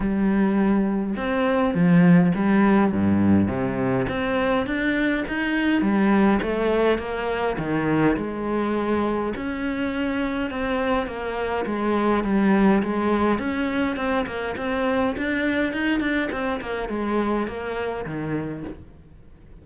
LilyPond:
\new Staff \with { instrumentName = "cello" } { \time 4/4 \tempo 4 = 103 g2 c'4 f4 | g4 g,4 c4 c'4 | d'4 dis'4 g4 a4 | ais4 dis4 gis2 |
cis'2 c'4 ais4 | gis4 g4 gis4 cis'4 | c'8 ais8 c'4 d'4 dis'8 d'8 | c'8 ais8 gis4 ais4 dis4 | }